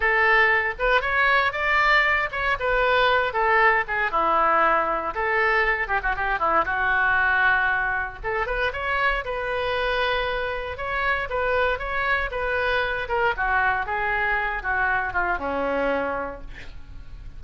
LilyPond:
\new Staff \with { instrumentName = "oboe" } { \time 4/4 \tempo 4 = 117 a'4. b'8 cis''4 d''4~ | d''8 cis''8 b'4. a'4 gis'8 | e'2 a'4. g'16 fis'16 | g'8 e'8 fis'2. |
a'8 b'8 cis''4 b'2~ | b'4 cis''4 b'4 cis''4 | b'4. ais'8 fis'4 gis'4~ | gis'8 fis'4 f'8 cis'2 | }